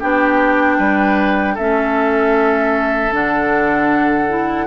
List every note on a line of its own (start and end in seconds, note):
0.00 0.79 B3
0.00 1.58 D4
0.00 0.78 G4
0.00 1.57 G5
0.78 1.57 G3
0.78 1.55 B4
1.55 3.13 A3
1.55 3.12 C#4
1.55 4.66 A4
1.55 3.13 E5
3.12 4.68 D3
3.12 4.29 D4
3.12 4.68 F#5
4.29 4.68 E4